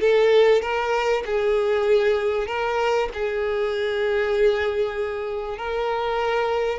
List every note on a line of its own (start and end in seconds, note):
0.00 0.61 A4
0.61 1.23 A#4
1.25 2.47 G#4
2.47 3.09 A#4
3.13 5.58 G#4
5.58 6.78 A#4